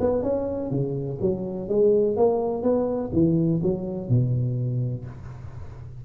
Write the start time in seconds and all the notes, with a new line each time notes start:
0.00 B3
0.23 C#4
0.70 C#3
1.21 F#3
1.69 G#3
2.16 A#3
2.62 B3
3.13 E3
3.63 F#3
4.09 B2